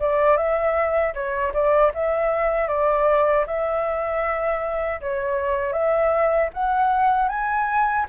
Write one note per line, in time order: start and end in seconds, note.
0.00 0.37 D5
0.37 1.14 E5
1.14 1.53 C#5
1.53 1.92 D5
1.94 2.68 E5
2.68 3.45 D5
3.47 5.01 E5
5.01 5.73 C#5
5.73 6.50 E5
6.53 7.29 F#5
7.29 8.06 G#5